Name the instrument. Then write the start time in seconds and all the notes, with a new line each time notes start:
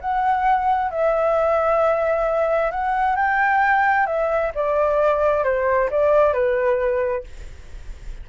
flute
0.00 F#5
0.90 E5
2.71 F#5
3.16 G5
4.06 E5
4.54 D5
5.44 C5
5.90 D5
6.33 B4